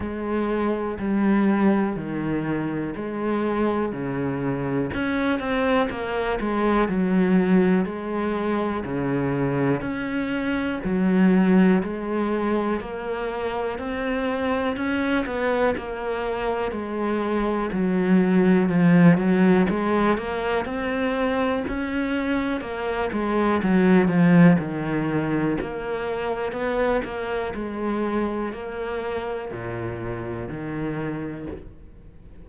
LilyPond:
\new Staff \with { instrumentName = "cello" } { \time 4/4 \tempo 4 = 61 gis4 g4 dis4 gis4 | cis4 cis'8 c'8 ais8 gis8 fis4 | gis4 cis4 cis'4 fis4 | gis4 ais4 c'4 cis'8 b8 |
ais4 gis4 fis4 f8 fis8 | gis8 ais8 c'4 cis'4 ais8 gis8 | fis8 f8 dis4 ais4 b8 ais8 | gis4 ais4 ais,4 dis4 | }